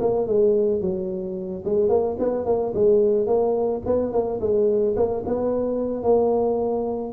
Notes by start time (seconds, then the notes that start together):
0.00 A#3
0.27 G#3
0.81 F#3
1.65 G#3
1.89 A#3
2.19 B3
2.45 A#3
2.74 G#3
3.27 A#3
3.86 B3
4.12 A#3
4.40 G#3
4.96 A#3
5.26 B3
6.03 A#3